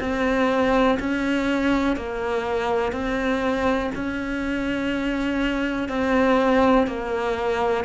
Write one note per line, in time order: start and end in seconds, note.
0.00 0.98 C4
1.00 1.97 C#4
1.97 2.92 A#3
2.92 3.91 C4
3.95 5.89 C#4
5.89 6.87 C4
6.87 7.85 A#3